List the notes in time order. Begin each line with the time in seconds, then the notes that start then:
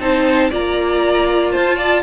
0.00 C4 D#4 C5 A5
0.51 A#3 F4 D5 A#5
1.52 F4 C5 A5
1.76 D5